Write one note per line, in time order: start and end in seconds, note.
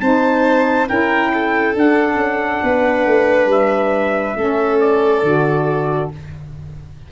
0.00 0.88 C4
0.00 0.87 D#4
0.00 0.88 C5
0.00 0.87 A5
0.87 1.75 C#4
0.87 1.74 E4
0.87 1.32 A#4
0.87 1.75 G5
1.33 2.63 A4
1.74 4.35 D4
1.74 2.15 D4
1.74 3.51 F#5
2.15 2.59 C#4
2.63 3.06 B3
2.63 4.36 B4
3.06 3.46 A3
3.46 4.33 G3
3.46 4.80 E5
4.35 5.22 A3
4.35 5.22 C#4
4.35 6.10 A4
4.80 6.10 D5
5.22 6.09 D3
5.22 6.11 F#4